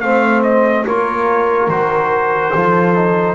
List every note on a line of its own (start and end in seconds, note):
0.00 0.85 A3
0.00 0.86 C4
0.00 0.86 C5
0.00 0.42 F5
0.43 0.85 D#5
0.86 1.68 A#3
0.86 1.70 F4
0.86 2.53 A#4
0.86 1.69 C#5
1.68 2.52 D#3
1.68 2.54 F#4
1.68 3.35 C5
2.53 3.35 F3
2.53 2.95 F4
2.53 3.35 A4
2.95 3.35 D#4